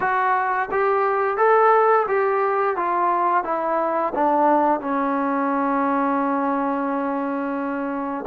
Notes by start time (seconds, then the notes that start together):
0.00 F#4
0.71 G4
1.37 A4
2.07 G4
2.76 F4
3.44 E4
4.14 D4
4.80 C#4